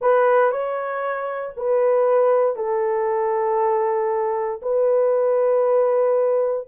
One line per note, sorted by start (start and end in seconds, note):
0.01 0.51 B4
0.51 1.54 C#5
1.56 2.56 B4
2.56 4.61 A4
4.62 6.67 B4